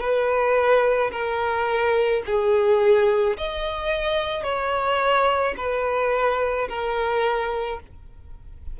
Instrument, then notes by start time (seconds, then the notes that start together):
violin
0.00 B4
1.12 A#4
2.26 G#4
3.37 D#5
4.43 C#5
5.57 B4
6.69 A#4